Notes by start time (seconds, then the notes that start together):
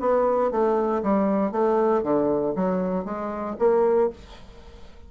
0.00 B3
0.51 A3
1.03 G3
1.52 A3
2.03 D3
2.56 F#3
3.05 G#3
3.59 A#3